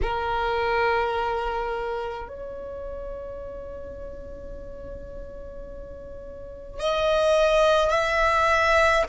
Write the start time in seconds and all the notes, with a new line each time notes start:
0.02 A#4
2.28 C#5
6.79 D#5
7.90 E5